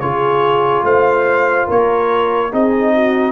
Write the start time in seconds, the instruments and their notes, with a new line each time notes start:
0.00 tuba C#3, trombone F4, horn G#4, trumpet C#5
0.83 tuba A3, horn C5, trumpet F5
1.67 tuba A#3, horn A#4, trumpet C#5
2.51 tuba C4, trombone D#4, horn G#4, trumpet D#5
2.94 horn F#4